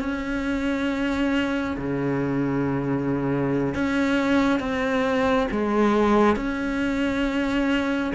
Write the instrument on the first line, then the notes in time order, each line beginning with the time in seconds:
cello
0.00 C#4
1.77 C#3
3.75 C#4
4.60 C4
5.51 G#3
6.36 C#4